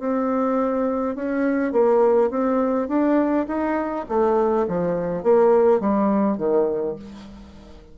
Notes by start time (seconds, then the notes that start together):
0.00 C4
1.16 C#4
1.73 A#3
2.31 C4
2.89 D4
3.48 D#4
4.09 A3
4.68 F3
5.23 A#3
5.81 G3
6.38 D#3